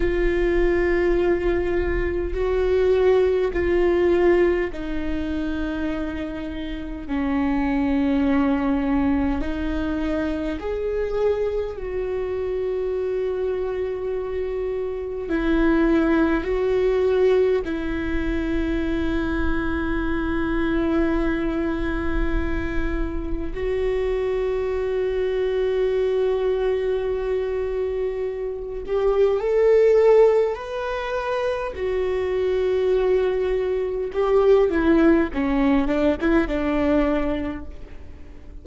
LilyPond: \new Staff \with { instrumentName = "viola" } { \time 4/4 \tempo 4 = 51 f'2 fis'4 f'4 | dis'2 cis'2 | dis'4 gis'4 fis'2~ | fis'4 e'4 fis'4 e'4~ |
e'1 | fis'1~ | fis'8 g'8 a'4 b'4 fis'4~ | fis'4 g'8 e'8 cis'8 d'16 e'16 d'4 | }